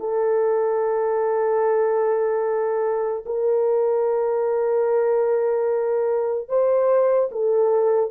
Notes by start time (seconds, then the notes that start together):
0.00 A4
3.26 A#4
6.48 C5
7.32 A4